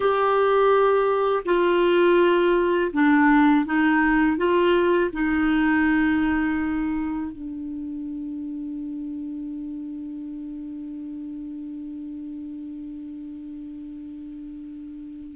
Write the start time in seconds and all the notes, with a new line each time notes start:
0.00 G4
1.45 F4
2.92 D4
3.65 D#4
4.37 F4
5.13 D#4
7.32 D4